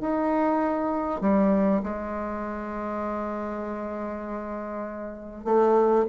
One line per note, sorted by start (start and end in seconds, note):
0.00 1.21 D#4
1.21 1.82 G3
1.83 5.44 G#3
5.44 6.05 A3